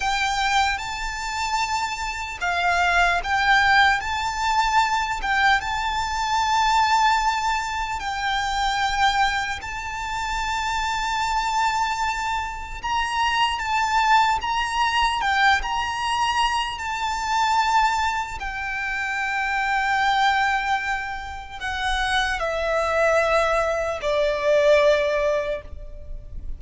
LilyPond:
\new Staff \with { instrumentName = "violin" } { \time 4/4 \tempo 4 = 75 g''4 a''2 f''4 | g''4 a''4. g''8 a''4~ | a''2 g''2 | a''1 |
ais''4 a''4 ais''4 g''8 ais''8~ | ais''4 a''2 g''4~ | g''2. fis''4 | e''2 d''2 | }